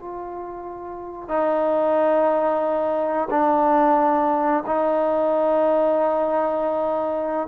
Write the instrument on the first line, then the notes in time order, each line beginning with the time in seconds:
trombone
0.00 F4
1.29 D#4
3.31 D4
4.67 D#4